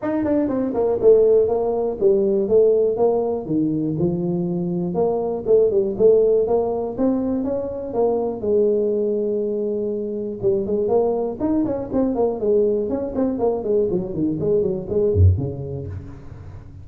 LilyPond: \new Staff \with { instrumentName = "tuba" } { \time 4/4 \tempo 4 = 121 dis'8 d'8 c'8 ais8 a4 ais4 | g4 a4 ais4 dis4 | f2 ais4 a8 g8 | a4 ais4 c'4 cis'4 |
ais4 gis2.~ | gis4 g8 gis8 ais4 dis'8 cis'8 | c'8 ais8 gis4 cis'8 c'8 ais8 gis8 | fis8 dis8 gis8 fis8 gis8 fis,8 cis4 | }